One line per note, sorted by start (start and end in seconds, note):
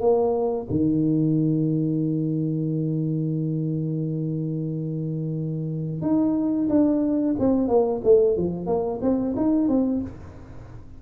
0.00 0.67 A#3
0.70 6.02 D#3
6.02 6.68 D#4
6.69 7.35 D4
7.39 7.68 C4
7.68 8.01 A#3
8.04 8.37 A3
8.37 8.66 F3
8.66 9.00 A#3
9.01 9.35 C4
9.36 9.68 D#4
9.68 10.02 C4